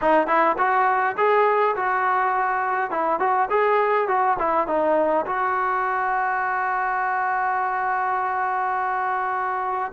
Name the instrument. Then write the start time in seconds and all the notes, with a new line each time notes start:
trombone
0.01 D#4
0.27 E4
0.57 F#4
1.17 G#4
1.76 F#4
2.90 E4
3.19 F#4
3.50 G#4
4.08 F#4
4.38 E4
4.67 D#4
5.26 F#4